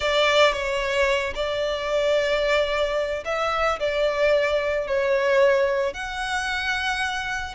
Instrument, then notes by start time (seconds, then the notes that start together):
violin
0.00 D5
0.52 C#5
1.35 D5
3.25 E5
3.79 D5
4.87 C#5
5.93 F#5